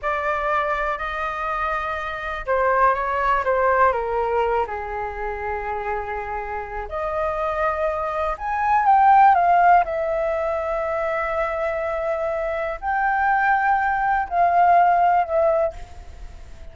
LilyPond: \new Staff \with { instrumentName = "flute" } { \time 4/4 \tempo 4 = 122 d''2 dis''2~ | dis''4 c''4 cis''4 c''4 | ais'4. gis'2~ gis'8~ | gis'2 dis''2~ |
dis''4 gis''4 g''4 f''4 | e''1~ | e''2 g''2~ | g''4 f''2 e''4 | }